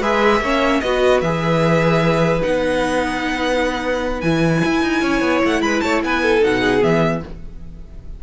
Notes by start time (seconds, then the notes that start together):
0.00 G#3 G#4 B4 E5
0.41 A#3 C#4 C#5
0.80 B3 F#4 B4 D#5
1.21 E3 G#4 E5
2.41 B3 D#4 F#5
4.21 E3 E4 G#5
4.64 E4
4.82 D#4
5.01 C#4 C#5
5.21 B3
5.44 A3 F#5
5.61 G#3 B4 B5
5.80 A3 C#5 A5
6.03 B3 B4 G#5
6.22 A4
6.41 B2 D#4 F#5
6.60 G#4
6.80 E3 B3 E5